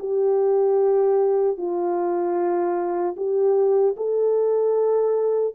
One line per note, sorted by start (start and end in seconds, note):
0.00 1.58 G4
1.58 3.16 F4
3.17 3.96 G4
3.97 5.55 A4